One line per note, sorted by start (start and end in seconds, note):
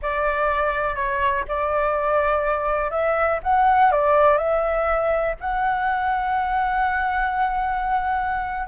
0.02 0.95 D5
0.95 1.44 C#5
1.47 2.90 D5
2.90 3.39 E5
3.43 3.91 F#5
3.91 4.37 D5
4.37 5.35 E5
5.40 8.67 F#5